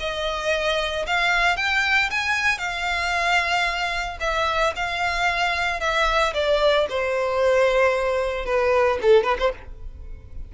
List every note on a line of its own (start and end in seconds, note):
0.00 1.06 D#5
1.07 1.57 F5
1.57 2.10 G5
2.11 2.59 G#5
2.59 4.18 F5
4.21 4.74 E5
4.76 5.81 F5
5.81 6.34 E5
6.34 6.87 D5
6.90 8.46 C5
8.46 8.99 B4
9.02 9.24 A4
9.24 9.37 B4
9.39 9.53 C5